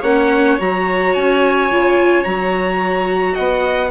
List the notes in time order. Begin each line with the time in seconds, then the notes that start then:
0.00 A#3 C#4 C#5 F#5
0.59 F#3 F#4 A#5
1.14 C#4 G#5
1.70 C#3 F4
2.23 F#3 F#4 A#5
3.34 B3 D#5 F#5